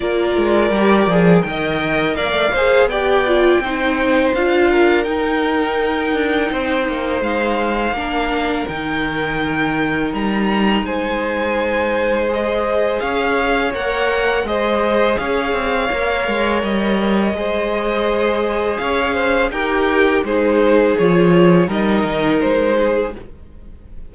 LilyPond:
<<
  \new Staff \with { instrumentName = "violin" } { \time 4/4 \tempo 4 = 83 d''2 g''4 f''4 | g''2 f''4 g''4~ | g''2 f''2 | g''2 ais''4 gis''4~ |
gis''4 dis''4 f''4 fis''4 | dis''4 f''2 dis''4~ | dis''2 f''4 g''4 | c''4 cis''4 dis''4 c''4 | }
  \new Staff \with { instrumentName = "violin" } { \time 4/4 ais'2 dis''4 d''8 c''8 | d''4 c''4. ais'4.~ | ais'4 c''2 ais'4~ | ais'2. c''4~ |
c''2 cis''2 | c''4 cis''2. | c''2 cis''8 c''8 ais'4 | gis'2 ais'4. gis'8 | }
  \new Staff \with { instrumentName = "viola" } { \time 4/4 f'4 g'8 gis'8 ais'4. gis'8 | g'8 f'8 dis'4 f'4 dis'4~ | dis'2. d'4 | dis'1~ |
dis'4 gis'2 ais'4 | gis'2 ais'2 | gis'2. g'4 | dis'4 f'4 dis'2 | }
  \new Staff \with { instrumentName = "cello" } { \time 4/4 ais8 gis8 g8 f8 dis4 ais16 a16 ais8 | b4 c'4 d'4 dis'4~ | dis'8 d'8 c'8 ais8 gis4 ais4 | dis2 g4 gis4~ |
gis2 cis'4 ais4 | gis4 cis'8 c'8 ais8 gis8 g4 | gis2 cis'4 dis'4 | gis4 f4 g8 dis8 gis4 | }
>>